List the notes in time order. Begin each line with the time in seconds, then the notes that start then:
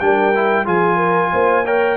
0.00 G3 D4 A#4 G5
0.35 E4
0.65 F3 F4 G#4 G#5
0.97 A#4
1.32 A#3 C5
1.65 A#4 C#5 G5